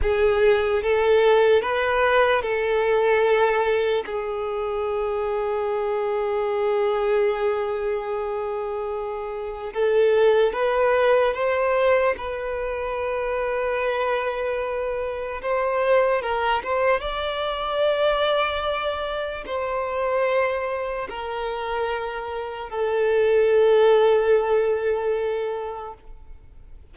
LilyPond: \new Staff \with { instrumentName = "violin" } { \time 4/4 \tempo 4 = 74 gis'4 a'4 b'4 a'4~ | a'4 gis'2.~ | gis'1 | a'4 b'4 c''4 b'4~ |
b'2. c''4 | ais'8 c''8 d''2. | c''2 ais'2 | a'1 | }